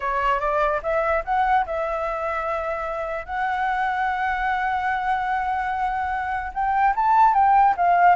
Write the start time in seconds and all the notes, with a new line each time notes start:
0.00 C#5
0.40 D5
0.82 E5
1.24 F#5
1.65 E5
3.25 F#5
6.53 G5
6.95 A5
7.34 G5
7.76 F5